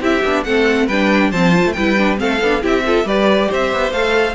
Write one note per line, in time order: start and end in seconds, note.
0.00 0.22 C4
0.00 0.22 E4
0.00 0.44 G4
0.00 0.43 E5
0.24 0.45 B3
0.24 0.46 D4
0.43 0.88 A3
0.43 0.90 C4
0.43 0.86 A4
0.43 0.87 F#5
0.86 1.31 G3
0.86 1.33 D4
0.86 1.30 B4
0.86 1.31 G5
1.31 1.64 F3
1.31 1.52 C4
1.31 1.74 C5
1.31 1.72 A5
1.52 1.74 F4
1.65 1.76 A3
1.72 2.20 G3
1.72 1.97 E4
1.72 2.19 B4
1.72 2.16 G5
1.97 2.17 D4
2.17 2.41 A3
2.17 2.39 C4
2.17 2.62 A4
2.17 2.63 F5
2.41 2.62 B3
2.41 2.61 D4
2.61 3.04 C4
2.61 2.83 E4
2.61 2.83 G4
2.61 3.07 E5
2.86 3.05 F4
2.86 3.06 A4
3.04 3.48 G3
3.04 3.92 G4
3.04 3.48 B4
3.04 3.51 D5
3.48 3.72 C4
3.48 4.34 C5
3.48 3.92 E5
3.72 3.91 B3
3.91 4.34 A3
3.91 4.34 A4
3.91 4.34 F5